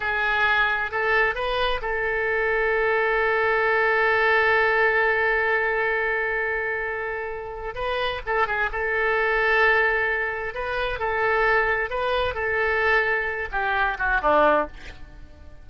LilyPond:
\new Staff \with { instrumentName = "oboe" } { \time 4/4 \tempo 4 = 131 gis'2 a'4 b'4 | a'1~ | a'1~ | a'1~ |
a'4 b'4 a'8 gis'8 a'4~ | a'2. b'4 | a'2 b'4 a'4~ | a'4. g'4 fis'8 d'4 | }